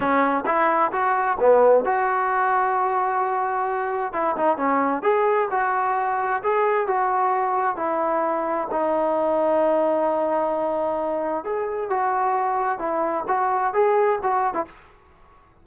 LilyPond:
\new Staff \with { instrumentName = "trombone" } { \time 4/4 \tempo 4 = 131 cis'4 e'4 fis'4 b4 | fis'1~ | fis'4 e'8 dis'8 cis'4 gis'4 | fis'2 gis'4 fis'4~ |
fis'4 e'2 dis'4~ | dis'1~ | dis'4 gis'4 fis'2 | e'4 fis'4 gis'4 fis'8. e'16 | }